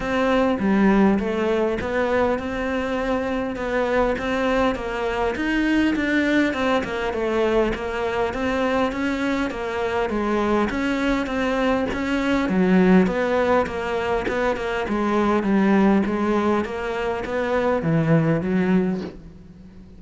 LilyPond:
\new Staff \with { instrumentName = "cello" } { \time 4/4 \tempo 4 = 101 c'4 g4 a4 b4 | c'2 b4 c'4 | ais4 dis'4 d'4 c'8 ais8 | a4 ais4 c'4 cis'4 |
ais4 gis4 cis'4 c'4 | cis'4 fis4 b4 ais4 | b8 ais8 gis4 g4 gis4 | ais4 b4 e4 fis4 | }